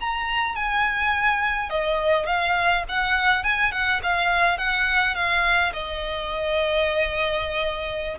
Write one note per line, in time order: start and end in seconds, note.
0.00 0.55 A#5
0.55 1.70 G#5
1.70 2.26 D#5
2.26 2.84 F5
2.88 3.44 F#5
3.44 3.71 G#5
3.71 4.00 F#5
4.03 4.58 F5
4.58 5.15 F#5
5.15 5.72 F5
5.73 8.18 D#5